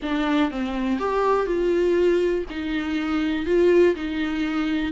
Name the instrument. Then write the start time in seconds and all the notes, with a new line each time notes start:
viola
0.02 D4
0.50 C4
0.99 G4
1.46 F4
2.50 D#4
3.46 F4
3.95 D#4